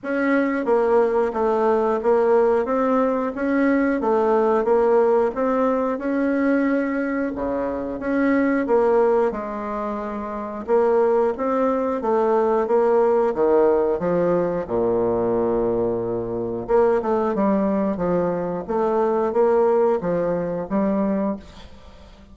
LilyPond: \new Staff \with { instrumentName = "bassoon" } { \time 4/4 \tempo 4 = 90 cis'4 ais4 a4 ais4 | c'4 cis'4 a4 ais4 | c'4 cis'2 cis4 | cis'4 ais4 gis2 |
ais4 c'4 a4 ais4 | dis4 f4 ais,2~ | ais,4 ais8 a8 g4 f4 | a4 ais4 f4 g4 | }